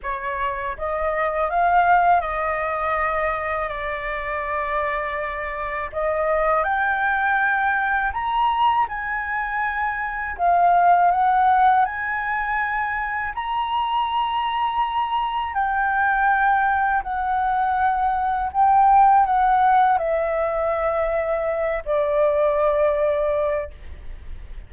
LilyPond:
\new Staff \with { instrumentName = "flute" } { \time 4/4 \tempo 4 = 81 cis''4 dis''4 f''4 dis''4~ | dis''4 d''2. | dis''4 g''2 ais''4 | gis''2 f''4 fis''4 |
gis''2 ais''2~ | ais''4 g''2 fis''4~ | fis''4 g''4 fis''4 e''4~ | e''4. d''2~ d''8 | }